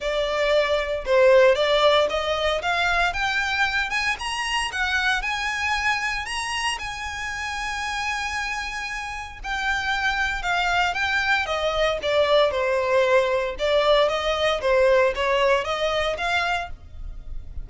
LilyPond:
\new Staff \with { instrumentName = "violin" } { \time 4/4 \tempo 4 = 115 d''2 c''4 d''4 | dis''4 f''4 g''4. gis''8 | ais''4 fis''4 gis''2 | ais''4 gis''2.~ |
gis''2 g''2 | f''4 g''4 dis''4 d''4 | c''2 d''4 dis''4 | c''4 cis''4 dis''4 f''4 | }